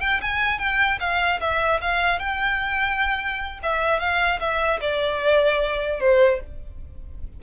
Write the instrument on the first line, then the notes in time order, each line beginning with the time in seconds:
violin
0.00 G5
0.21 G#5
0.58 G5
1.00 F5
1.40 E5
1.81 F5
2.19 G5
3.63 E5
3.99 F5
4.40 E5
4.81 D5
6.00 C5